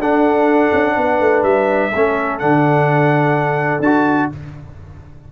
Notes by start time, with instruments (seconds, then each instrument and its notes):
0.00 tuba D4, trombone D4, horn A4, trumpet F#5
0.73 tuba C#4
0.97 tuba B3, horn B4
1.20 tuba A3
1.44 tuba G3, trumpet E5
1.93 tuba A3, trombone C#4, horn A4
2.39 tuba D3, trombone D4, trumpet F#5
3.80 tuba D4, trombone F#4, trumpet A5